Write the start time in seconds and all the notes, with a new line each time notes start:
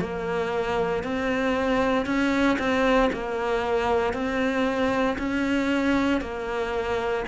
0.00 A#3
1.03 C4
2.05 C#4
2.59 C4
3.13 A#3
4.13 C4
5.18 C#4
6.21 A#3